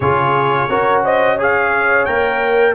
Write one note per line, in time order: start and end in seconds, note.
0.00 0.68 C#3
0.00 0.69 F4
0.00 0.68 G#4
0.00 1.02 C#5
0.68 2.06 C#4
0.68 1.38 F#4
0.68 1.03 A#4
1.03 1.35 C5
1.03 1.39 D#5
1.35 2.07 G#4
1.35 2.73 C#5
1.42 2.05 F5
2.05 2.75 A#3
2.05 2.75 A#4
2.05 2.74 G5